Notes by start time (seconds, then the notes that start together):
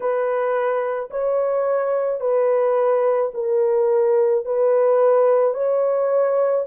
0.00 B4
1.10 C#5
2.20 B4
3.33 A#4
4.44 B4
5.54 C#5